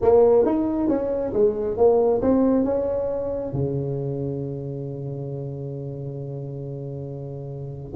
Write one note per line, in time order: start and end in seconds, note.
0.01 0.45 A#3
0.45 0.88 D#4
0.88 1.32 C#4
1.33 1.77 G#3
1.77 2.21 A#3
2.21 2.64 C4
2.64 3.52 C#4
3.52 7.93 C#3